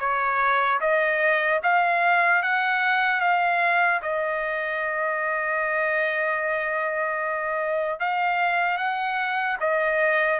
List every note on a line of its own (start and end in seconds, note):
0.00 0.80 C#5
0.81 1.61 D#5
1.63 2.43 F5
2.43 3.21 F#5
3.21 4.01 F5
4.03 8.00 D#5
8.00 8.78 F5
8.78 9.58 F#5
9.61 10.40 D#5